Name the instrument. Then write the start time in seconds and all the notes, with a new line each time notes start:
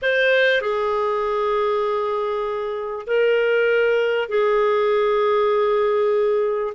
clarinet
0.02 C5
0.61 G#4
3.06 A#4
4.29 G#4